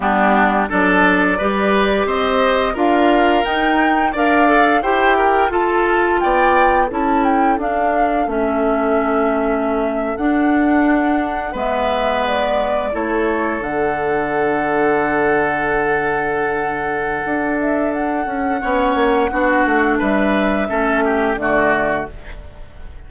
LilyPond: <<
  \new Staff \with { instrumentName = "flute" } { \time 4/4 \tempo 4 = 87 g'4 d''2 dis''4 | f''4 g''4 f''4 g''4 | a''4 g''4 a''8 g''8 f''4 | e''2~ e''8. fis''4~ fis''16~ |
fis''8. e''4 d''4 cis''4 fis''16~ | fis''1~ | fis''4. e''8 fis''2~ | fis''4 e''2 d''4 | }
  \new Staff \with { instrumentName = "oboe" } { \time 4/4 d'4 a'4 b'4 c''4 | ais'2 d''4 c''8 ais'8 | a'4 d''4 a'2~ | a'1~ |
a'8. b'2 a'4~ a'16~ | a'1~ | a'2. cis''4 | fis'4 b'4 a'8 g'8 fis'4 | }
  \new Staff \with { instrumentName = "clarinet" } { \time 4/4 b4 d'4 g'2 | f'4 dis'4 ais'8 a'8 g'4 | f'2 e'4 d'4 | cis'2~ cis'8. d'4~ d'16~ |
d'8. b2 e'4 d'16~ | d'1~ | d'2. cis'4 | d'2 cis'4 a4 | }
  \new Staff \with { instrumentName = "bassoon" } { \time 4/4 g4 fis4 g4 c'4 | d'4 dis'4 d'4 e'4 | f'4 b4 cis'4 d'4 | a2~ a8. d'4~ d'16~ |
d'8. gis2 a4 d16~ | d1~ | d4 d'4. cis'8 b8 ais8 | b8 a8 g4 a4 d4 | }
>>